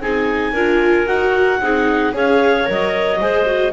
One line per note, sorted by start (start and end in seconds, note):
0.00 0.52 C4
0.00 0.55 D#4
0.00 0.52 G#4
0.00 1.07 G#5
0.52 1.05 D4
0.52 1.06 F4
0.52 1.59 A#4
1.06 1.59 D#4
1.06 1.59 F#4
1.06 2.13 F#5
1.60 2.13 C4
1.60 2.12 D#4
1.60 2.13 G#4
2.12 2.67 C#4
2.12 2.64 G#4
2.12 3.19 C#5
2.12 2.69 F5
2.64 3.20 F#3
2.64 3.17 A#4
2.70 3.73 D#5
3.20 3.73 G#3
3.20 3.46 G#4
3.20 3.73 C5
3.46 3.72 F#4